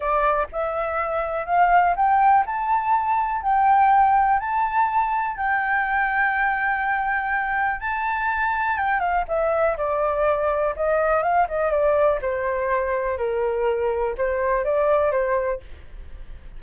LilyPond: \new Staff \with { instrumentName = "flute" } { \time 4/4 \tempo 4 = 123 d''4 e''2 f''4 | g''4 a''2 g''4~ | g''4 a''2 g''4~ | g''1 |
a''2 g''8 f''8 e''4 | d''2 dis''4 f''8 dis''8 | d''4 c''2 ais'4~ | ais'4 c''4 d''4 c''4 | }